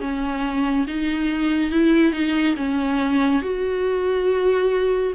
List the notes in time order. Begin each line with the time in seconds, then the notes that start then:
0.00 C#4
0.87 D#4
1.71 E4
2.12 D#4
2.56 C#4
3.42 F#4